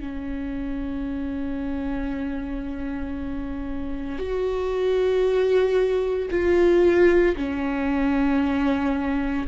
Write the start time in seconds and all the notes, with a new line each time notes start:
0.00 C#4
4.19 F#4
6.31 F4
7.36 C#4